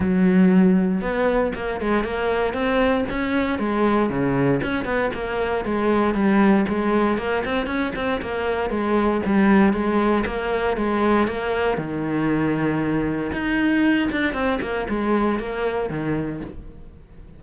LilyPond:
\new Staff \with { instrumentName = "cello" } { \time 4/4 \tempo 4 = 117 fis2 b4 ais8 gis8 | ais4 c'4 cis'4 gis4 | cis4 cis'8 b8 ais4 gis4 | g4 gis4 ais8 c'8 cis'8 c'8 |
ais4 gis4 g4 gis4 | ais4 gis4 ais4 dis4~ | dis2 dis'4. d'8 | c'8 ais8 gis4 ais4 dis4 | }